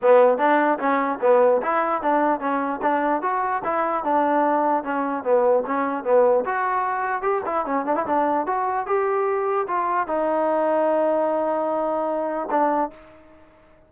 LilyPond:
\new Staff \with { instrumentName = "trombone" } { \time 4/4 \tempo 4 = 149 b4 d'4 cis'4 b4 | e'4 d'4 cis'4 d'4 | fis'4 e'4 d'2 | cis'4 b4 cis'4 b4 |
fis'2 g'8 e'8 cis'8 d'16 e'16 | d'4 fis'4 g'2 | f'4 dis'2.~ | dis'2. d'4 | }